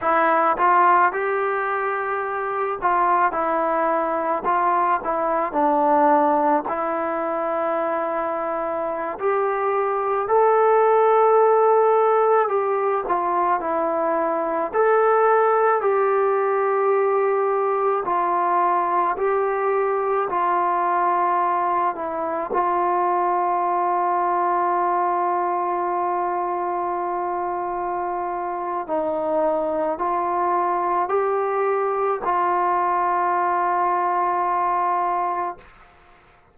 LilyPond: \new Staff \with { instrumentName = "trombone" } { \time 4/4 \tempo 4 = 54 e'8 f'8 g'4. f'8 e'4 | f'8 e'8 d'4 e'2~ | e'16 g'4 a'2 g'8 f'16~ | f'16 e'4 a'4 g'4.~ g'16~ |
g'16 f'4 g'4 f'4. e'16~ | e'16 f'2.~ f'8.~ | f'2 dis'4 f'4 | g'4 f'2. | }